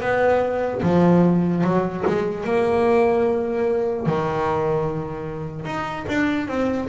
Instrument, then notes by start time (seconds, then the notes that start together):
double bass
0.00 B3
0.82 F3
1.63 F#3
2.06 G#3
2.44 A#3
4.06 D#3
5.65 D#4
6.08 D4
6.47 C4